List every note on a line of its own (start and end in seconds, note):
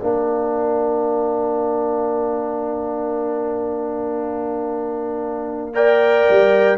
0.00 6.29 A#3
0.00 5.74 D4
0.00 5.74 A#4
0.00 5.75 F5
5.75 6.78 A#4
5.75 6.78 D5
5.75 6.78 G5
6.30 6.78 G3